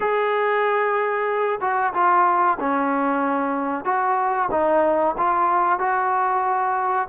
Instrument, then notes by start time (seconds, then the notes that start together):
trombone
0.00 G#4
1.60 F#4
1.93 F4
2.59 C#4
3.84 F#4
4.51 D#4
5.17 F4
5.79 F#4